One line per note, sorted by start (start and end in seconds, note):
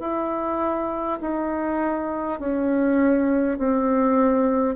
0.00 1.20 E4
1.22 2.40 D#4
2.40 3.59 C#4
3.59 4.76 C4